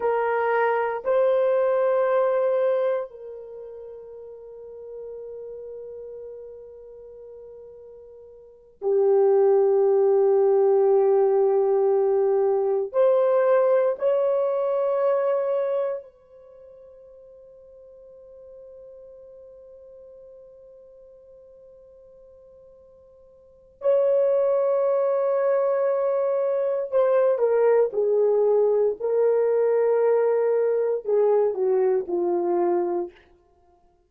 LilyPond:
\new Staff \with { instrumentName = "horn" } { \time 4/4 \tempo 4 = 58 ais'4 c''2 ais'4~ | ais'1~ | ais'8 g'2.~ g'8~ | g'8 c''4 cis''2 c''8~ |
c''1~ | c''2. cis''4~ | cis''2 c''8 ais'8 gis'4 | ais'2 gis'8 fis'8 f'4 | }